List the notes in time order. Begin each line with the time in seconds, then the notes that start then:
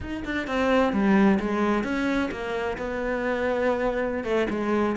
0.00 D#4
0.24 D4
0.47 C4
0.92 G3
1.39 G#3
1.83 C#4
2.31 A#3
2.77 B3
4.24 A3
4.50 G#3